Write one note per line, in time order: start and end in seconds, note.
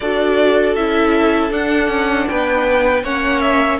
0.00 0.75 D4
0.00 0.77 F#4
0.00 2.28 A4
0.00 0.74 D5
0.75 1.50 C#4
0.75 1.51 E4
0.75 1.51 E5
1.50 1.87 D4
1.50 3.03 D4
1.50 2.28 F#5
1.87 2.25 C#4
2.28 3.03 B3
2.28 3.03 B4
2.28 3.04 G5
3.03 3.79 A#3
3.03 3.79 C#4
3.03 3.79 C#5
3.03 3.41 F#5
3.41 3.78 E5